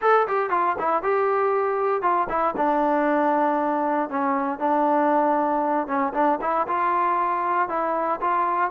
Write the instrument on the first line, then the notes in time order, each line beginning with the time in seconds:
trombone
0.01 A4
0.27 G4
0.50 F4
0.78 E4
1.03 G4
2.02 F4
2.29 E4
2.56 D4
4.09 C#4
4.59 D4
5.87 C#4
6.13 D4
6.41 E4
6.67 F4
7.68 E4
8.20 F4